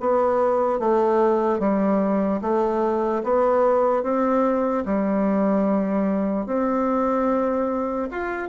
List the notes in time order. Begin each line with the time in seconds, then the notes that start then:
0.00 B3
0.79 A3
1.59 G3
2.41 A3
3.23 B3
4.03 C4
4.85 G3
6.46 C4
8.11 F4